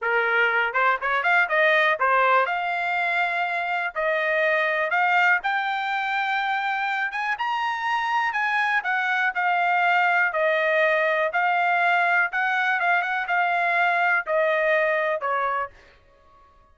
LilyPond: \new Staff \with { instrumentName = "trumpet" } { \time 4/4 \tempo 4 = 122 ais'4. c''8 cis''8 f''8 dis''4 | c''4 f''2. | dis''2 f''4 g''4~ | g''2~ g''8 gis''8 ais''4~ |
ais''4 gis''4 fis''4 f''4~ | f''4 dis''2 f''4~ | f''4 fis''4 f''8 fis''8 f''4~ | f''4 dis''2 cis''4 | }